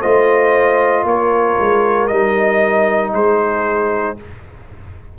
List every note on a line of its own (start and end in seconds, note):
0.00 1.04 A3
0.00 2.10 F4
0.00 1.03 C5
0.00 1.05 D#5
1.04 1.56 A#3
1.04 3.15 A#4
1.04 2.08 C#5
1.61 2.11 G#3
2.08 3.14 G3
2.08 4.17 D#4
2.08 3.11 D#5
3.14 4.17 G#3
3.14 4.19 G#4
3.14 4.18 C5